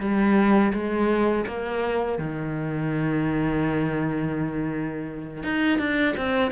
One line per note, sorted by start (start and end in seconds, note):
0.00 0.72 G3
0.73 1.45 G#3
1.47 2.19 A#3
2.19 5.43 D#3
5.43 5.78 D#4
5.78 6.14 D4
6.17 6.51 C4